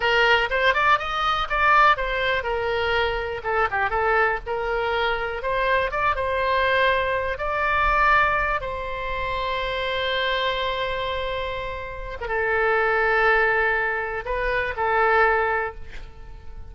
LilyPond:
\new Staff \with { instrumentName = "oboe" } { \time 4/4 \tempo 4 = 122 ais'4 c''8 d''8 dis''4 d''4 | c''4 ais'2 a'8 g'8 | a'4 ais'2 c''4 | d''8 c''2~ c''8 d''4~ |
d''4. c''2~ c''8~ | c''1~ | c''8. ais'16 a'2.~ | a'4 b'4 a'2 | }